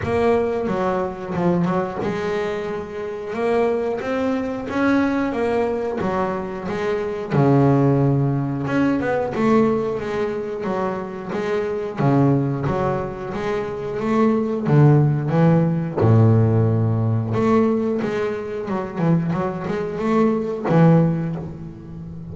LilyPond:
\new Staff \with { instrumentName = "double bass" } { \time 4/4 \tempo 4 = 90 ais4 fis4 f8 fis8 gis4~ | gis4 ais4 c'4 cis'4 | ais4 fis4 gis4 cis4~ | cis4 cis'8 b8 a4 gis4 |
fis4 gis4 cis4 fis4 | gis4 a4 d4 e4 | a,2 a4 gis4 | fis8 e8 fis8 gis8 a4 e4 | }